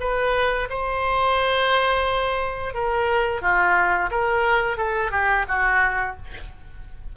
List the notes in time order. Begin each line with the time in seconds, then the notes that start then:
0.00 B4
0.69 C5
2.74 A#4
3.41 F4
4.11 A#4
4.77 A4
5.11 G4
5.48 F#4